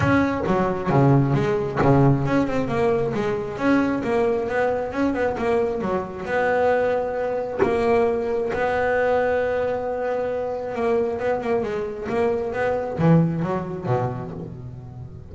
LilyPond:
\new Staff \with { instrumentName = "double bass" } { \time 4/4 \tempo 4 = 134 cis'4 fis4 cis4 gis4 | cis4 cis'8 c'8 ais4 gis4 | cis'4 ais4 b4 cis'8 b8 | ais4 fis4 b2~ |
b4 ais2 b4~ | b1 | ais4 b8 ais8 gis4 ais4 | b4 e4 fis4 b,4 | }